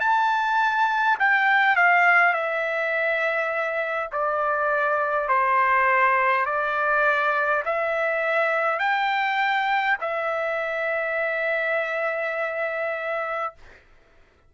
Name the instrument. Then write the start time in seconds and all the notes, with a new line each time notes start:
trumpet
0.00 A5
1.19 G5
1.76 F5
2.33 E5
4.12 D5
5.28 C5
6.45 D5
7.65 E5
8.79 G5
10.01 E5